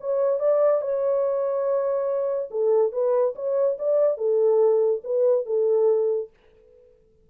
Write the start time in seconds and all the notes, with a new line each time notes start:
0.00 C#5
0.39 D5
0.81 C#5
2.51 A4
2.92 B4
3.35 C#5
3.78 D5
4.17 A4
5.04 B4
5.46 A4